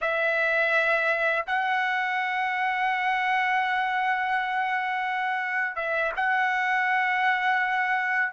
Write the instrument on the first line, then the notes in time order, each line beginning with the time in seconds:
trumpet
0.01 E5
1.46 F#5
5.75 E5
6.16 F#5